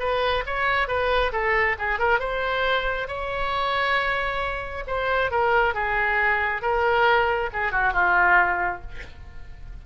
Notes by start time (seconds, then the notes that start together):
0.00 B4
0.47 C#5
0.88 B4
1.33 A4
1.79 G#4
1.99 A#4
2.20 C5
3.08 C#5
4.87 C5
5.31 A#4
5.75 G#4
6.62 A#4
7.53 G#4
7.72 F#4
7.93 F4